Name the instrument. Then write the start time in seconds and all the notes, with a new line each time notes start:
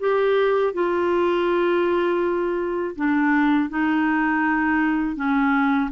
clarinet
0.00 G4
0.73 F4
2.96 D4
3.69 D#4
5.16 C#4